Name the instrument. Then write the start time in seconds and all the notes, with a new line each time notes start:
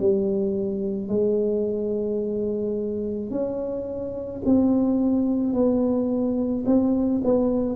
tuba
0.00 G3
1.09 G#3
3.31 C#4
4.45 C4
5.54 B3
6.67 C4
7.24 B3